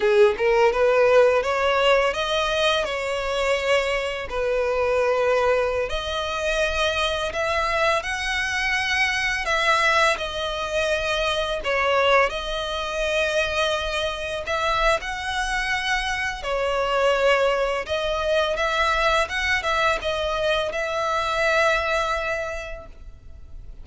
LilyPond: \new Staff \with { instrumentName = "violin" } { \time 4/4 \tempo 4 = 84 gis'8 ais'8 b'4 cis''4 dis''4 | cis''2 b'2~ | b'16 dis''2 e''4 fis''8.~ | fis''4~ fis''16 e''4 dis''4.~ dis''16~ |
dis''16 cis''4 dis''2~ dis''8.~ | dis''16 e''8. fis''2 cis''4~ | cis''4 dis''4 e''4 fis''8 e''8 | dis''4 e''2. | }